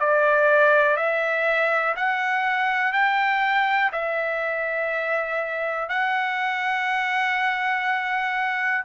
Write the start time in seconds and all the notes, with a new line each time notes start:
0.00 D5
0.97 E5
1.96 F#5
2.92 G5
3.92 E5
5.89 F#5